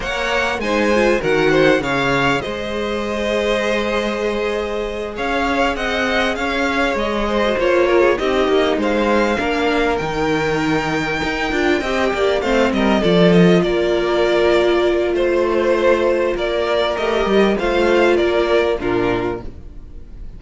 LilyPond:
<<
  \new Staff \with { instrumentName = "violin" } { \time 4/4 \tempo 4 = 99 fis''4 gis''4 fis''4 f''4 | dis''1~ | dis''8 f''4 fis''4 f''4 dis''8~ | dis''8 cis''4 dis''4 f''4.~ |
f''8 g''2.~ g''8~ | g''8 f''8 dis''8 d''8 dis''8 d''4.~ | d''4 c''2 d''4 | dis''4 f''4 d''4 ais'4 | }
  \new Staff \with { instrumentName = "violin" } { \time 4/4 cis''4 c''4 ais'8 c''8 cis''4 | c''1~ | c''8 cis''4 dis''4 cis''4. | c''4 ais'16 gis'16 g'4 c''4 ais'8~ |
ais'2.~ ais'8 dis''8 | d''8 c''8 ais'8 a'4 ais'4.~ | ais'4 c''2 ais'4~ | ais'4 c''4 ais'4 f'4 | }
  \new Staff \with { instrumentName = "viola" } { \time 4/4 ais'4 dis'8 f'8 fis'4 gis'4~ | gis'1~ | gis'1~ | gis'16 fis'16 f'4 dis'2 d'8~ |
d'8 dis'2~ dis'8 f'8 g'8~ | g'8 c'4 f'2~ f'8~ | f'1 | g'4 f'2 d'4 | }
  \new Staff \with { instrumentName = "cello" } { \time 4/4 ais4 gis4 dis4 cis4 | gis1~ | gis8 cis'4 c'4 cis'4 gis8~ | gis8 ais4 c'8 ais8 gis4 ais8~ |
ais8 dis2 dis'8 d'8 c'8 | ais8 a8 g8 f4 ais4.~ | ais4 a2 ais4 | a8 g8 a4 ais4 ais,4 | }
>>